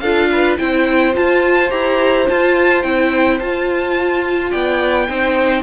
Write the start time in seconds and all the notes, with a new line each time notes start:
0.00 D4 F4 A4 F5
0.32 B4
0.58 C4 E4 C5 G5
1.13 F4 A5
1.70 E4 G4 A#5
2.28 F4 A5
2.83 C4 E4 G5
3.40 F4 A5
4.51 B3 D5 G5
5.09 C4 D#4 C5